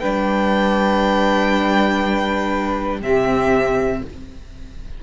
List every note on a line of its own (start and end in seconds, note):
0.00 3.02 G3
0.00 3.02 D4
0.00 3.00 B4
0.00 3.00 G5
3.02 4.02 C3
3.02 4.03 C4
3.02 4.02 G4
3.02 4.03 E5